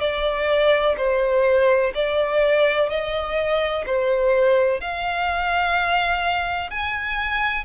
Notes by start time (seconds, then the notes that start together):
0.00 D5
0.97 C5
1.94 D5
2.90 D#5
3.87 C5
4.81 F5
6.70 G#5